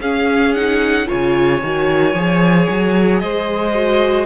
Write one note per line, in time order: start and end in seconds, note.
0.00 1.07 C#4
0.00 0.56 C#4
0.00 1.07 G#4
0.00 0.54 F5
0.54 1.06 D#4
0.54 1.07 F#5
1.06 1.62 C#3
1.06 1.60 F4
1.06 3.21 C#5
1.06 3.19 G#5
1.62 2.13 D#3
1.62 2.15 F#4
2.13 2.67 F3
2.13 3.74 G#4
2.69 3.22 F#3
3.19 4.26 G#3
3.19 4.26 C5
3.19 4.26 D#5
3.74 4.26 F#4